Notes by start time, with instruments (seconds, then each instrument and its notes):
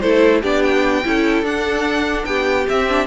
0.00 cello A3, viola E4, violin A4 C5
0.41 cello B3, viola D4, violin G4 D5
0.62 violin G5
1.04 cello C#4, viola E4, violin A4
1.42 cello D4, viola D4, violin F#5
2.25 cello B3, violin G4 G5
2.69 cello C4, viola C4, violin E5
2.88 viola D4